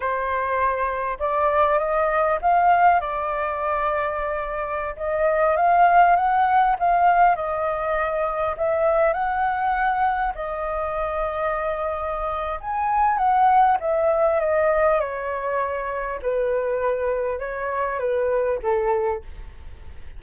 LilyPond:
\new Staff \with { instrumentName = "flute" } { \time 4/4 \tempo 4 = 100 c''2 d''4 dis''4 | f''4 d''2.~ | d''16 dis''4 f''4 fis''4 f''8.~ | f''16 dis''2 e''4 fis''8.~ |
fis''4~ fis''16 dis''2~ dis''8.~ | dis''4 gis''4 fis''4 e''4 | dis''4 cis''2 b'4~ | b'4 cis''4 b'4 a'4 | }